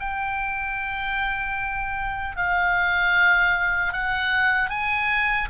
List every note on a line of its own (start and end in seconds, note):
0.00 2.37 G5
2.37 3.93 F5
3.93 4.70 F#5
4.70 5.49 G#5